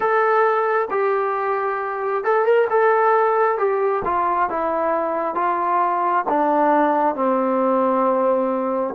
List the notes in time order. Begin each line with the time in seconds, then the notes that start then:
0.00 A4
0.90 G4
2.23 A4
2.45 A#4
2.69 A4
3.57 G4
4.04 F4
4.49 E4
5.34 F4
6.28 D4
7.15 C4